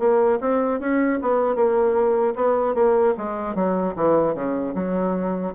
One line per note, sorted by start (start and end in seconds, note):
0.00 0.39 A#3
0.41 0.80 C4
0.80 1.19 C#4
1.22 1.56 B3
1.56 2.35 A#3
2.36 2.75 B3
2.75 3.14 A#3
3.18 3.55 G#3
3.55 3.95 F#3
3.96 4.35 E3
4.35 4.74 C#3
4.75 5.54 F#3